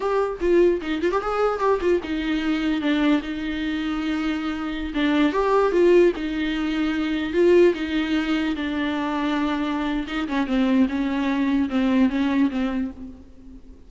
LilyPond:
\new Staff \with { instrumentName = "viola" } { \time 4/4 \tempo 4 = 149 g'4 f'4 dis'8 f'16 g'16 gis'4 | g'8 f'8 dis'2 d'4 | dis'1~ | dis'16 d'4 g'4 f'4 dis'8.~ |
dis'2~ dis'16 f'4 dis'8.~ | dis'4~ dis'16 d'2~ d'8.~ | d'4 dis'8 cis'8 c'4 cis'4~ | cis'4 c'4 cis'4 c'4 | }